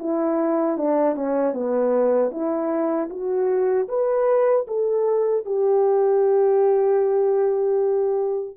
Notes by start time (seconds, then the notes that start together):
0.00 E4
0.78 D4
1.16 C#4
1.54 B3
2.32 E4
3.11 F#4
3.89 B4
4.68 A4
5.46 G4